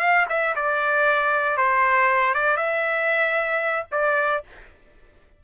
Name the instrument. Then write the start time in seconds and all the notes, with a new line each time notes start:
trumpet
0.00 F5
0.29 E5
0.55 D5
1.57 C5
2.34 D5
2.57 E5
3.91 D5